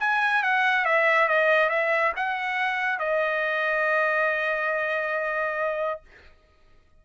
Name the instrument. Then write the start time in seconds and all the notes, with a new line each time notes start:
trumpet
0.00 G#5
0.43 F#5
0.85 E5
1.28 D#5
1.70 E5
2.16 F#5
2.99 D#5